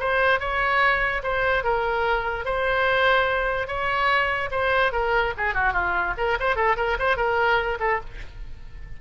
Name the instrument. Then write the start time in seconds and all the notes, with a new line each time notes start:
oboe
0.00 C5
0.40 C#5
1.23 C5
1.64 A#4
2.45 C5
3.68 C#5
4.51 C5
4.92 A#4
5.38 G#4
5.54 F#4
5.73 F4
6.18 A#4
6.40 C5
6.56 A4
6.77 A#4
6.99 C5
7.17 A#4
7.80 A4